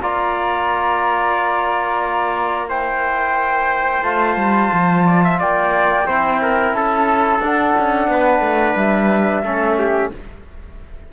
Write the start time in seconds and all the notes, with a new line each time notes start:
0.00 A#3 F4 D5 A#5
2.69 E4 C5 G5
4.03 A3 F4 A5
4.36 G3
4.73 F3
5.06 D5
5.24 E5
5.39 A#3 D5 G5
6.05 C4 E4 C5
6.42 A#4
6.73 C#4 A4 A5
7.40 D4 F#5
7.78 C#4
8.07 B3 B4
8.40 A3
8.76 G3 E5
9.43 A3 C#4 A4
9.79 G4